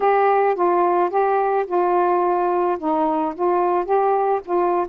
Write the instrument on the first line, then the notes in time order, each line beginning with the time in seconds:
saxophone
0.00 G4
0.55 F4
1.10 G4
1.66 F4
2.79 D#4
3.35 F4
3.85 G4
4.45 F4